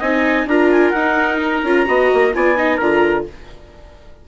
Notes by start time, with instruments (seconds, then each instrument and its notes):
0.00 bassoon C4, viola D#4, trumpet D#5, clarinet G#5
0.46 bassoon D4, viola F4, trumpet A#4, clarinet A#5
0.72 clarinet G#5
0.91 bassoon D#4, clarinet F#5
0.97 viola D#4
1.43 clarinet A#5
1.64 bassoon C#4, viola F4
1.86 bassoon B3, viola F#4, trumpet D#5
2.14 bassoon A#3
2.35 bassoon B3, viola F4, trumpet D5, clarinet G#5
2.58 viola D#4, trumpet D#5
2.77 bassoon D3, viola F4, trumpet A#4, clarinet A#5